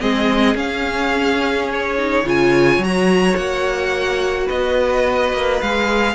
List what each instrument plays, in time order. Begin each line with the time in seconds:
0.00 cello G#3, viola C4, violin G#4 D#5
0.54 cello C#4, viola C#4, violin F5
1.72 violin C#5
1.98 viola D#4
2.24 cello C#3, viola F4, violin C#5 G#5
2.77 cello F#3
2.83 viola F#4, violin A#5
3.35 cello A#3, violin F#5
4.45 cello B3, violin B4 D#5
5.33 cello A#3
5.61 cello G#3, viola G#4, violin F5